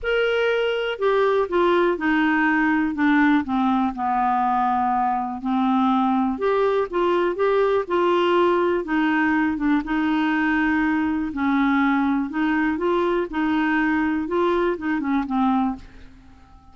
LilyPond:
\new Staff \with { instrumentName = "clarinet" } { \time 4/4 \tempo 4 = 122 ais'2 g'4 f'4 | dis'2 d'4 c'4 | b2. c'4~ | c'4 g'4 f'4 g'4 |
f'2 dis'4. d'8 | dis'2. cis'4~ | cis'4 dis'4 f'4 dis'4~ | dis'4 f'4 dis'8 cis'8 c'4 | }